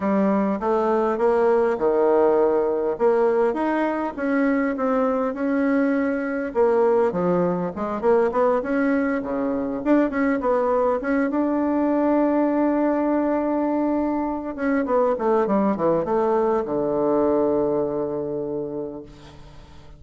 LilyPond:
\new Staff \with { instrumentName = "bassoon" } { \time 4/4 \tempo 4 = 101 g4 a4 ais4 dis4~ | dis4 ais4 dis'4 cis'4 | c'4 cis'2 ais4 | f4 gis8 ais8 b8 cis'4 cis8~ |
cis8 d'8 cis'8 b4 cis'8 d'4~ | d'1~ | d'8 cis'8 b8 a8 g8 e8 a4 | d1 | }